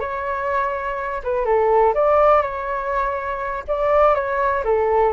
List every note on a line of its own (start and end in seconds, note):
0.00 1.22 C#5
1.24 1.45 B4
1.45 1.94 A4
1.94 2.42 D5
2.42 3.64 C#5
3.67 4.15 D5
4.15 4.63 C#5
4.64 5.13 A4